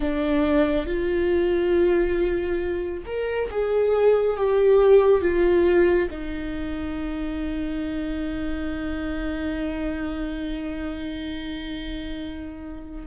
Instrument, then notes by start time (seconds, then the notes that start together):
viola
0.00 D4
0.86 F4
3.06 A#4
3.50 G#4
4.36 G4
5.21 F4
6.10 D#4